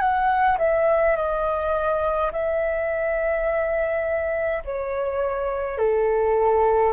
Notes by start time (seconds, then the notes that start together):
0.00 F#5
0.59 E5
1.16 D#5
2.32 E5
4.65 C#5
5.78 A4